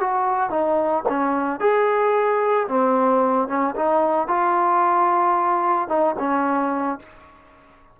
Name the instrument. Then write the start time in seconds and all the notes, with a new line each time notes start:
trombone
0.00 F#4
0.50 D#4
1.09 C#4
1.60 G#4
2.68 C4
3.48 C#4
3.76 D#4
4.28 F4
5.88 D#4
6.19 C#4